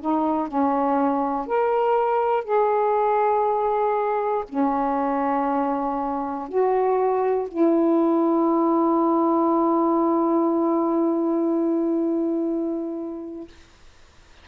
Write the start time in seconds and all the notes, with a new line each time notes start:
0.00 D#4
0.47 C#4
1.47 A#4
2.44 G#4
4.49 C#4
6.48 F#4
7.48 E4